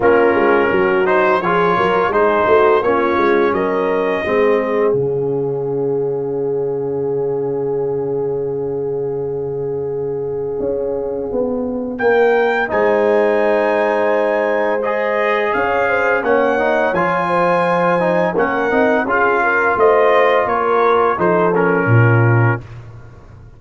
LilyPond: <<
  \new Staff \with { instrumentName = "trumpet" } { \time 4/4 \tempo 4 = 85 ais'4. c''8 cis''4 c''4 | cis''4 dis''2 f''4~ | f''1~ | f''1~ |
f''4 g''4 gis''2~ | gis''4 dis''4 f''4 fis''4 | gis''2 fis''4 f''4 | dis''4 cis''4 c''8 ais'4. | }
  \new Staff \with { instrumentName = "horn" } { \time 4/4 f'4 fis'4 gis'8 ais'8 gis'8 fis'8 | f'4 ais'4 gis'2~ | gis'1~ | gis'1~ |
gis'4 ais'4 c''2~ | c''2 cis''8 c''8 cis''4~ | cis''8 c''4. ais'4 gis'8 ais'8 | c''4 ais'4 a'4 f'4 | }
  \new Staff \with { instrumentName = "trombone" } { \time 4/4 cis'4. dis'8 f'4 dis'4 | cis'2 c'4 cis'4~ | cis'1~ | cis'1~ |
cis'2 dis'2~ | dis'4 gis'2 cis'8 dis'8 | f'4. dis'8 cis'8 dis'8 f'4~ | f'2 dis'8 cis'4. | }
  \new Staff \with { instrumentName = "tuba" } { \time 4/4 ais8 gis8 fis4 f8 fis8 gis8 a8 | ais8 gis8 fis4 gis4 cis4~ | cis1~ | cis2. cis'4 |
b4 ais4 gis2~ | gis2 cis'4 ais4 | f2 ais8 c'8 cis'4 | a4 ais4 f4 ais,4 | }
>>